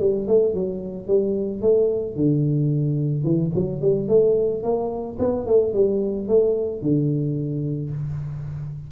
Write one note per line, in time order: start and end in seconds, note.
0.00 0.27 G3
0.28 0.54 A3
0.54 1.08 F#3
1.08 1.61 G3
1.61 2.16 A3
2.16 3.24 D3
3.24 3.51 E3
3.55 3.82 F#3
3.82 4.08 G3
4.08 4.63 A3
4.63 5.18 A#3
5.19 5.46 B3
5.46 5.73 A3
5.73 6.28 G3
6.28 6.82 A3
6.82 7.91 D3